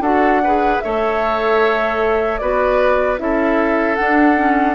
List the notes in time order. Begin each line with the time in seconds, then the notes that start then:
0.00 D4 F#4 A4 F#5
0.44 G#4 B4
0.80 A3 A4 C#5 E5
2.38 B3 F#4 B4 D5
3.18 C#4 E4 A4 E5
3.96 D4 F#5
4.36 C#4